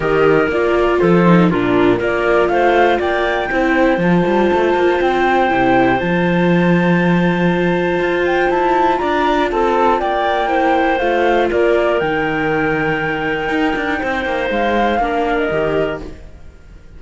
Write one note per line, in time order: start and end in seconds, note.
0.00 0.48 D#3
0.00 0.47 G4
0.00 0.99 A#4
0.00 0.50 D#5
0.48 0.98 A#3
0.48 1.26 F4
0.48 0.99 D5
0.99 1.52 F3
0.99 1.50 A4
0.99 1.49 C5
1.26 1.51 D#4
1.50 2.00 A#2
1.50 1.98 D4
1.50 1.98 F4
1.50 2.00 A#4
1.98 2.48 A#3
1.98 3.48 F4
1.98 2.48 A#4
1.98 2.48 D5
2.48 2.98 A3
2.48 2.99 C5
2.48 2.98 F5
2.99 3.49 A#3
2.99 3.49 D5
2.99 4.00 G5
3.51 3.97 C4
3.51 3.99 E4
3.51 9.00 C5
3.97 4.22 F3
3.97 5.48 F4
3.97 5.01 A5
4.26 4.51 G3
4.53 4.74 A3
4.74 4.99 A#3
5.01 5.51 C4
5.01 5.99 G5
5.48 6.01 C3
5.48 5.98 E4
5.99 7.99 F3
5.99 10.48 F4
5.99 8.24 A5
7.99 8.49 F4
8.26 8.50 G5
8.49 8.99 E4
8.49 8.98 A5
8.98 9.51 D4
8.98 9.50 D5
8.98 9.48 A#5
9.50 10.01 C4
9.50 9.99 A4
9.50 10.00 A5
9.99 11.00 A#3
9.99 10.48 D5
9.99 10.98 G5
10.48 10.98 E4
10.48 11.48 C5
10.98 11.50 A3
10.98 12.00 F4
10.98 11.48 F5
11.49 12.01 A#3
11.49 13.99 A#4
11.49 11.99 D5
11.99 13.48 D#3
11.99 15.01 D#4
11.99 14.49 G5
13.48 13.73 D#4
13.76 14.01 D4
13.99 14.25 C4
13.99 14.99 C5
14.25 14.49 A#3
14.49 14.99 G#3
14.49 15.37 F5
14.99 15.49 A#3
14.99 15.51 D4
14.99 16.00 A#4
15.37 15.99 D#5
15.50 16.00 D#3
15.50 16.02 G4